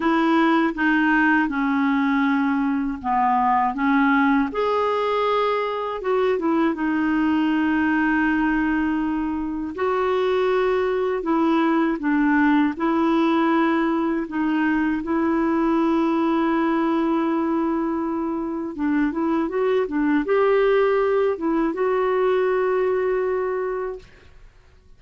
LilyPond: \new Staff \with { instrumentName = "clarinet" } { \time 4/4 \tempo 4 = 80 e'4 dis'4 cis'2 | b4 cis'4 gis'2 | fis'8 e'8 dis'2.~ | dis'4 fis'2 e'4 |
d'4 e'2 dis'4 | e'1~ | e'4 d'8 e'8 fis'8 d'8 g'4~ | g'8 e'8 fis'2. | }